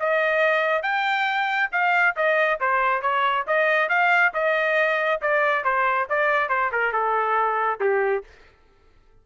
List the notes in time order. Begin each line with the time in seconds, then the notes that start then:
0.00 D#5
0.83 G5
1.72 F5
2.16 D#5
2.60 C5
3.02 C#5
3.47 D#5
3.89 F5
4.34 D#5
5.22 D5
5.64 C5
6.10 D5
6.49 C5
6.72 A#4
6.93 A4
7.80 G4